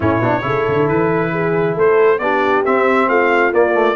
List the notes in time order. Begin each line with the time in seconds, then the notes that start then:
0.00 A2 C#4 E4 C#5
0.20 B2 D4
0.42 C#3 E4 A4
0.67 D3
0.88 E3 B4
1.31 G#4
1.75 A3 A4 C5
2.18 B3 D4 G4 D5
2.64 C4 E5
3.08 A3 F4 F5
3.52 A#3 D5
3.73 A3